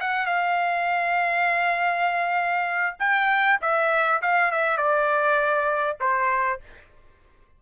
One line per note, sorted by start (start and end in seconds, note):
0.00 0.26 F#5
0.26 2.96 F5
2.99 3.59 G5
3.61 4.21 E5
4.21 4.51 F5
4.51 4.77 E5
4.77 5.97 D5
6.00 6.60 C5